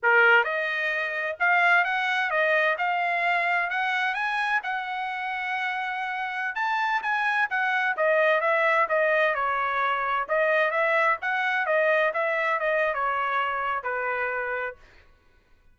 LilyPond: \new Staff \with { instrumentName = "trumpet" } { \time 4/4 \tempo 4 = 130 ais'4 dis''2 f''4 | fis''4 dis''4 f''2 | fis''4 gis''4 fis''2~ | fis''2~ fis''16 a''4 gis''8.~ |
gis''16 fis''4 dis''4 e''4 dis''8.~ | dis''16 cis''2 dis''4 e''8.~ | e''16 fis''4 dis''4 e''4 dis''8. | cis''2 b'2 | }